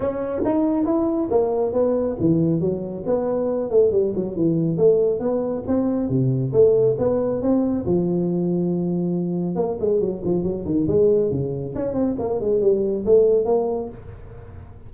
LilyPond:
\new Staff \with { instrumentName = "tuba" } { \time 4/4 \tempo 4 = 138 cis'4 dis'4 e'4 ais4 | b4 e4 fis4 b4~ | b8 a8 g8 fis8 e4 a4 | b4 c'4 c4 a4 |
b4 c'4 f2~ | f2 ais8 gis8 fis8 f8 | fis8 dis8 gis4 cis4 cis'8 c'8 | ais8 gis8 g4 a4 ais4 | }